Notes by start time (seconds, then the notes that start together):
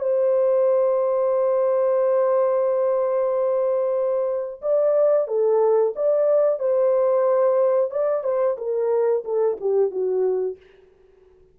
0.00 C5
4.62 D5
5.28 A4
5.96 D5
6.60 C5
7.91 D5
8.24 C5
8.58 A#4
9.25 A4
9.61 G4
9.91 F#4